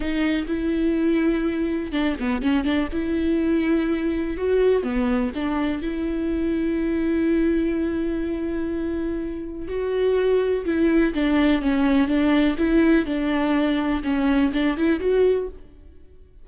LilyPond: \new Staff \with { instrumentName = "viola" } { \time 4/4 \tempo 4 = 124 dis'4 e'2. | d'8 b8 cis'8 d'8 e'2~ | e'4 fis'4 b4 d'4 | e'1~ |
e'1 | fis'2 e'4 d'4 | cis'4 d'4 e'4 d'4~ | d'4 cis'4 d'8 e'8 fis'4 | }